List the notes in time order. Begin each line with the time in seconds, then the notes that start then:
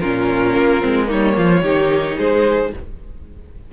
0.00 A#2 C#4 F4 A#4
0.56 A#3
0.81 G#3 C4
1.05 A#3 D#4 C#5
1.13 G3
1.37 F3 F4
1.62 D#3 D#4 G4
2.18 G#3 G#4 C5